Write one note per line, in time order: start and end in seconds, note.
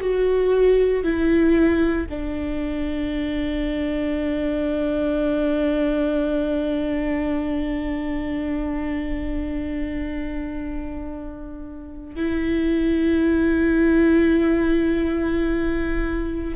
0.00 1.03 F#4
1.03 2.07 E4
2.09 12.16 D4
12.16 16.55 E4